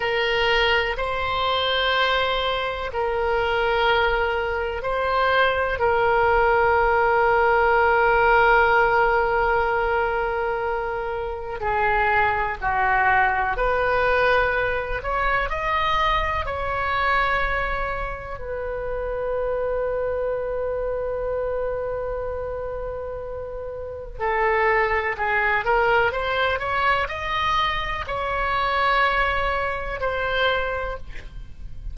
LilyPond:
\new Staff \with { instrumentName = "oboe" } { \time 4/4 \tempo 4 = 62 ais'4 c''2 ais'4~ | ais'4 c''4 ais'2~ | ais'1 | gis'4 fis'4 b'4. cis''8 |
dis''4 cis''2 b'4~ | b'1~ | b'4 a'4 gis'8 ais'8 c''8 cis''8 | dis''4 cis''2 c''4 | }